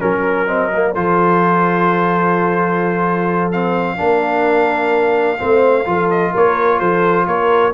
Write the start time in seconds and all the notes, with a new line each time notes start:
0.00 F#3 C#4 A#4
0.47 C4 D#5
0.74 A#3
0.91 F3 F4 A4 C5
3.52 C4 F5
3.97 A#3 D4 A#4
5.38 A3 C4 C5
5.85 F3 F4 A4
6.10 D#5
6.32 A#3 A#4 C#5
6.79 F3 A4 C5
7.27 A#3 A#4 C#5